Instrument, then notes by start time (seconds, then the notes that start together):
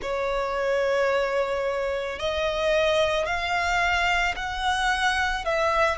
violin
0.01 C#5
2.19 D#5
3.25 F5
4.35 F#5
5.44 E5